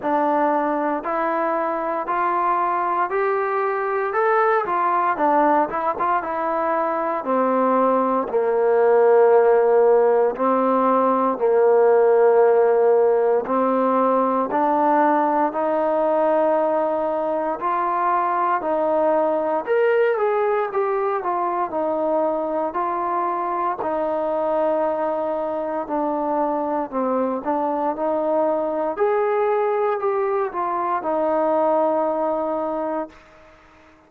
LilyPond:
\new Staff \with { instrumentName = "trombone" } { \time 4/4 \tempo 4 = 58 d'4 e'4 f'4 g'4 | a'8 f'8 d'8 e'16 f'16 e'4 c'4 | ais2 c'4 ais4~ | ais4 c'4 d'4 dis'4~ |
dis'4 f'4 dis'4 ais'8 gis'8 | g'8 f'8 dis'4 f'4 dis'4~ | dis'4 d'4 c'8 d'8 dis'4 | gis'4 g'8 f'8 dis'2 | }